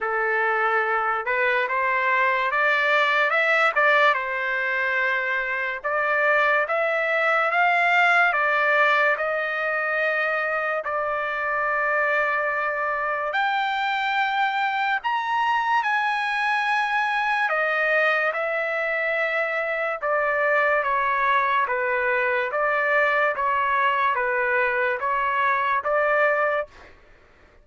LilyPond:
\new Staff \with { instrumentName = "trumpet" } { \time 4/4 \tempo 4 = 72 a'4. b'8 c''4 d''4 | e''8 d''8 c''2 d''4 | e''4 f''4 d''4 dis''4~ | dis''4 d''2. |
g''2 ais''4 gis''4~ | gis''4 dis''4 e''2 | d''4 cis''4 b'4 d''4 | cis''4 b'4 cis''4 d''4 | }